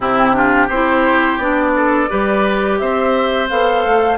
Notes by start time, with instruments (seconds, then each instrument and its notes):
0.00 bassoon C3, clarinet C4, oboe E4, flute G4
0.33 clarinet D4, oboe F4
0.67 bassoon C4, clarinet E4, oboe G4, flute C5
1.37 bassoon B3, clarinet D4, flute D5
1.75 oboe A4
2.09 bassoon G3, clarinet G4, oboe B4
2.78 bassoon C4, oboe C5, flute E5
3.49 bassoon B3, clarinet A4, flute F5
3.85 bassoon A3